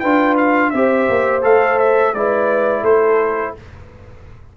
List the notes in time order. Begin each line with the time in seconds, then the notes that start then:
0.00 D4 F4 B4 G5
0.37 F5
0.70 C4 G4 C5 E5
1.09 A#3
1.42 A3 A4 F5
1.79 E5
2.14 G#3 E4 B4 D5
2.82 A3 A4 C5